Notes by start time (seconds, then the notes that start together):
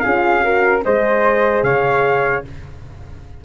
0.00 C#4 F4 G#4 F5
0.41 F#4 A#4
0.84 G#3 G#4 C5 D#5
1.63 C#3 C#5 F5